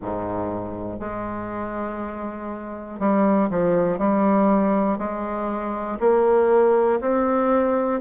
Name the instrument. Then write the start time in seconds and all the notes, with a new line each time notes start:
bassoon
0.01 G#2
1.00 G#3
2.99 G3
3.50 F3
3.98 G3
4.98 G#3
6.00 A#3
7.00 C4